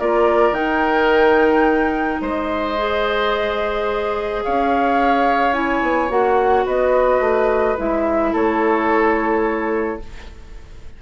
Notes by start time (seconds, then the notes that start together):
0.00 A#3 F4 A#4 D5
0.52 D#3 D#4 G5
2.22 G#3 C5 D#5
2.77 G#4
4.44 C#4 C#5 F5
5.54 E4 G#5
5.82 B3
6.09 A#3 F#4 F#5
6.66 B3 B4 D#5
7.20 A3
7.78 G#3 E4 E5
8.33 A3 A4 C#5